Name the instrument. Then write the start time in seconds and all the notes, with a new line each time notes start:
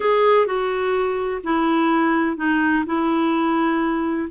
clarinet
0.00 G#4
0.46 F#4
1.43 E4
2.36 D#4
2.86 E4